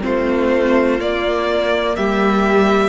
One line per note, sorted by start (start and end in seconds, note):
0.00 1.00 A3
0.00 0.97 C4
0.00 1.96 F4
0.00 1.00 C5
1.00 1.96 A#3
1.00 2.89 A#3
1.00 1.96 D5
1.96 2.89 G3
1.96 2.89 G4
1.96 2.89 E5